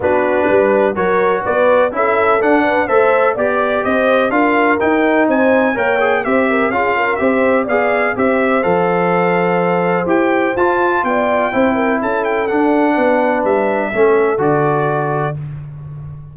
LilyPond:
<<
  \new Staff \with { instrumentName = "trumpet" } { \time 4/4 \tempo 4 = 125 b'2 cis''4 d''4 | e''4 fis''4 e''4 d''4 | dis''4 f''4 g''4 gis''4 | g''4 e''4 f''4 e''4 |
f''4 e''4 f''2~ | f''4 g''4 a''4 g''4~ | g''4 a''8 g''8 fis''2 | e''2 d''2 | }
  \new Staff \with { instrumentName = "horn" } { \time 4/4 fis'4 b'4 ais'4 b'4 | a'4. b'8 c''4 d''4 | c''4 ais'2 c''4 | cis''4 c''8 ais'8 gis'8 ais'8 c''4 |
d''4 c''2.~ | c''2. d''4 | c''8 ais'8 a'2 b'4~ | b'4 a'2. | }
  \new Staff \with { instrumentName = "trombone" } { \time 4/4 d'2 fis'2 | e'4 d'4 a'4 g'4~ | g'4 f'4 dis'2 | ais'8 gis'8 g'4 f'4 g'4 |
gis'4 g'4 a'2~ | a'4 g'4 f'2 | e'2 d'2~ | d'4 cis'4 fis'2 | }
  \new Staff \with { instrumentName = "tuba" } { \time 4/4 b4 g4 fis4 b4 | cis'4 d'4 a4 b4 | c'4 d'4 dis'4 c'4 | ais4 c'4 cis'4 c'4 |
b4 c'4 f2~ | f4 e'4 f'4 b4 | c'4 cis'4 d'4 b4 | g4 a4 d2 | }
>>